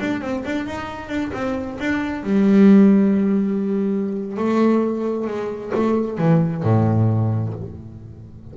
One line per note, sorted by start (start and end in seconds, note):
0.00 0.21 D4
0.21 0.44 C4
0.45 0.66 D4
0.66 1.09 D#4
1.09 1.31 D4
1.33 1.78 C4
1.79 2.23 D4
2.23 4.37 G3
4.37 5.27 A3
5.27 5.72 G#3
5.75 6.18 A3
6.18 6.63 E3
6.63 7.54 A2